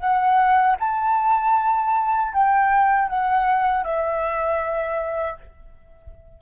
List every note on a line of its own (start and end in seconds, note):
0.00 0.77 F#5
0.80 2.33 A5
2.33 3.09 G5
3.09 3.84 F#5
3.84 5.38 E5